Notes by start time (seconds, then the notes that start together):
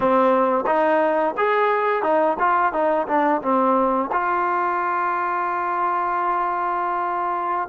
0.00 C4
0.66 D#4
1.37 G#4
2.03 D#4
2.39 F4
2.72 D#4
3.07 D4
3.42 C4
4.12 F4